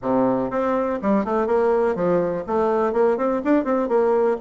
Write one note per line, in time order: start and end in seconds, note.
0.02 0.50 C3
0.50 0.99 C4
1.01 1.25 G3
1.25 1.47 A3
1.47 1.95 A#3
1.95 2.44 F3
2.46 2.92 A3
2.92 3.17 A#3
3.17 3.41 C4
3.44 3.64 D4
3.64 3.88 C4
3.88 4.37 A#3